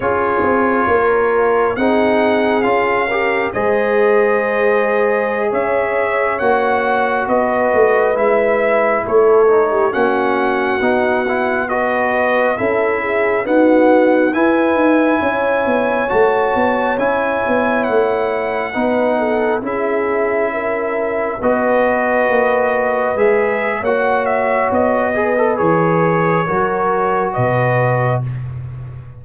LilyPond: <<
  \new Staff \with { instrumentName = "trumpet" } { \time 4/4 \tempo 4 = 68 cis''2 fis''4 f''4 | dis''2~ dis''16 e''4 fis''8.~ | fis''16 dis''4 e''4 cis''4 fis''8.~ | fis''4~ fis''16 dis''4 e''4 fis''8.~ |
fis''16 gis''2 a''4 gis''8.~ | gis''16 fis''2 e''4.~ e''16~ | e''16 dis''2 e''8. fis''8 e''8 | dis''4 cis''2 dis''4 | }
  \new Staff \with { instrumentName = "horn" } { \time 4/4 gis'4 ais'4 gis'4. ais'8 | c''2~ c''16 cis''4.~ cis''16~ | cis''16 b'2 a'8. g'16 fis'8.~ | fis'4~ fis'16 b'4 a'8 gis'8 fis'8.~ |
fis'16 b'4 cis''2~ cis''8.~ | cis''4~ cis''16 b'8 a'8 gis'4 ais'8.~ | ais'16 b'2~ b'8. cis''4~ | cis''8 b'4. ais'4 b'4 | }
  \new Staff \with { instrumentName = "trombone" } { \time 4/4 f'2 dis'4 f'8 g'8 | gis'2.~ gis'16 fis'8.~ | fis'4~ fis'16 e'4. dis'8 cis'8.~ | cis'16 dis'8 e'8 fis'4 e'4 b8.~ |
b16 e'2 fis'4 e'8.~ | e'4~ e'16 dis'4 e'4.~ e'16~ | e'16 fis'2 gis'8. fis'4~ | fis'8 gis'16 a'16 gis'4 fis'2 | }
  \new Staff \with { instrumentName = "tuba" } { \time 4/4 cis'8 c'8 ais4 c'4 cis'4 | gis2~ gis16 cis'4 ais8.~ | ais16 b8 a8 gis4 a4 ais8.~ | ais16 b2 cis'4 dis'8.~ |
dis'16 e'8 dis'8 cis'8 b8 a8 b8 cis'8 b16~ | b16 a4 b4 cis'4.~ cis'16~ | cis'16 b4 ais4 gis8. ais4 | b4 e4 fis4 b,4 | }
>>